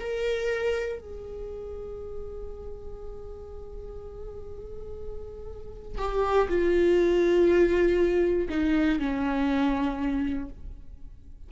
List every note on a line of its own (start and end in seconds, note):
0.00 1.00 A#4
1.00 5.98 G#4
5.98 6.48 G4
6.49 8.49 F4
8.50 9.00 D#4
9.00 10.50 C#4